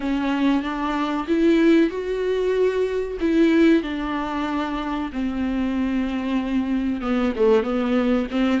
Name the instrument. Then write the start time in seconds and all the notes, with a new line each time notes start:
viola
0.00 C#4
0.62 D4
1.27 E4
1.90 F#4
3.20 E4
3.83 D4
5.12 C4
7.01 B3
7.36 A3
7.63 B3
8.31 C4